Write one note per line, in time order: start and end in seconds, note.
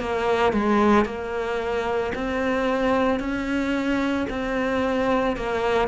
0.00 0.53 A#3
0.53 1.05 G#3
1.05 2.12 A#3
2.15 3.19 C4
3.19 4.27 C#4
4.30 5.37 C4
5.37 5.88 A#3